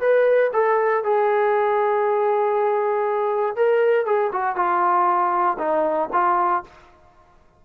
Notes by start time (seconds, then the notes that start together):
0.00 B4
0.53 A4
1.03 G#4
3.56 A#4
4.05 G#4
4.32 F#4
4.56 F4
5.58 D#4
6.12 F4